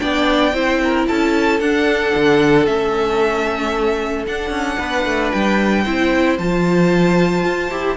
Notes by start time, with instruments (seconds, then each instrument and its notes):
0.00 cello B3, viola D4, violin D5 G5
0.54 cello C4, viola E4, violin C5
0.84 violin A#4
1.08 cello C#4, violin A4 A5
1.60 cello D4, viola D4, violin F#5
2.15 cello D3
2.67 cello A3, viola C#4, violin E5
4.27 viola D4, cello D4, violin F#5
4.50 cello C#4
4.78 cello B3, violin B4
5.06 cello A3
5.32 cello G3, violin G5
5.85 cello C4, viola E4, violin C5
6.39 cello F3, viola F4, violin A5
7.45 cello F4
7.71 cello E4, viola G4